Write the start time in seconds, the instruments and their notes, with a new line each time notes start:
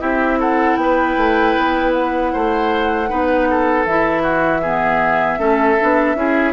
0.00 bassoon C4, clarinet E4, oboe G4, flute E5
0.40 oboe A4, flute F#5
0.76 bassoon B3, oboe B4, flute G5
1.17 bassoon A3
1.57 bassoon B3
1.93 flute F#5
2.33 bassoon A3, oboe C5
3.09 bassoon B3, clarinet D#4, oboe B4
3.50 oboe A4
3.85 bassoon E3, clarinet E4, flute E5
4.23 oboe F#4
4.62 clarinet B3, oboe G#4
5.39 bassoon A3, clarinet C#4, oboe A4
5.81 bassoon B3, clarinet D4
6.15 bassoon C#4, clarinet E4, oboe G#4